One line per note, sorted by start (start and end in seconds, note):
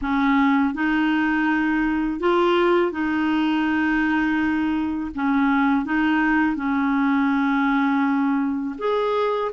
0.01 0.74 C#4
0.74 2.20 D#4
2.20 2.91 F4
2.91 5.11 D#4
5.15 5.85 C#4
5.85 6.56 D#4
6.56 8.75 C#4
8.78 9.51 G#4